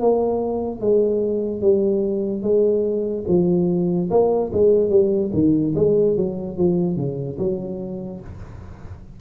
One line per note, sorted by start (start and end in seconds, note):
0.00 0.80 A#3
0.80 1.61 G#3
1.61 2.42 G3
2.42 3.24 G#3
3.27 4.09 F3
4.10 4.51 A#3
4.53 4.89 G#3
4.89 5.31 G3
5.33 5.74 D#3
5.75 6.16 G#3
6.16 6.57 F#3
6.57 6.96 F3
6.96 7.37 C#3
7.38 8.20 F#3